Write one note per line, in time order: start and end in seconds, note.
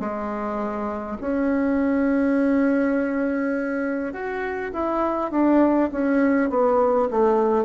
0.00 1.18 G#3
1.21 4.13 C#4
4.13 4.72 F#4
4.72 5.30 E4
5.30 5.89 D4
5.92 6.50 C#4
6.50 7.09 B3
7.10 7.65 A3